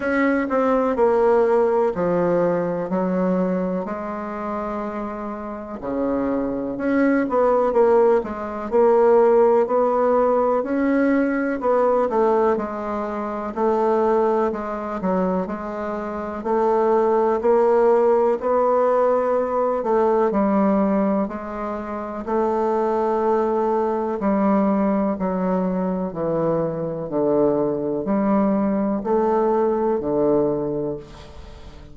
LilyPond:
\new Staff \with { instrumentName = "bassoon" } { \time 4/4 \tempo 4 = 62 cis'8 c'8 ais4 f4 fis4 | gis2 cis4 cis'8 b8 | ais8 gis8 ais4 b4 cis'4 | b8 a8 gis4 a4 gis8 fis8 |
gis4 a4 ais4 b4~ | b8 a8 g4 gis4 a4~ | a4 g4 fis4 e4 | d4 g4 a4 d4 | }